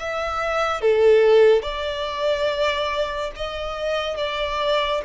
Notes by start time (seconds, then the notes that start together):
0.00 E5
0.81 A4
1.63 D5
3.36 D#5
4.18 D5